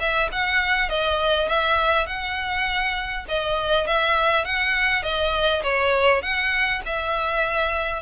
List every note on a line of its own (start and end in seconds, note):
0.00 0.30 E5
0.32 0.89 F#5
0.89 1.49 D#5
1.49 2.07 E5
2.07 3.25 F#5
3.29 3.87 D#5
3.87 4.45 E5
4.45 5.03 F#5
5.03 5.63 D#5
5.64 6.22 C#5
6.22 6.82 F#5
6.86 8.03 E5